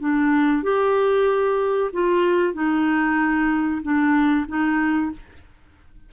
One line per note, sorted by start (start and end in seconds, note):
0.00 0.63 D4
0.63 1.91 G4
1.93 2.54 F4
2.54 3.82 D#4
3.82 4.46 D4
4.48 5.12 D#4